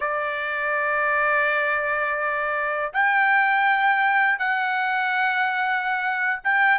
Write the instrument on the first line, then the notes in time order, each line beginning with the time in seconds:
trumpet
0.00 D5
2.93 G5
4.39 F#5
6.44 G5